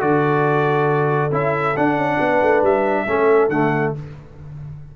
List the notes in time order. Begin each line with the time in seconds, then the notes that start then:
0.00 D3 F#4 A4 D5
1.31 C#4 E4 E5
1.76 D4 F#5
1.95 C#4
2.19 B3 B4
2.42 A3
2.62 G3 E5
3.05 A3 C#4 A4
3.48 D3 A3 F#5